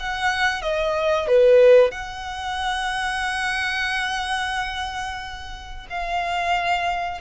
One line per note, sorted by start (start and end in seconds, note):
0.00 0.62 F#5
0.62 1.28 D#5
1.28 1.92 B4
1.92 5.87 F#5
5.90 7.21 F5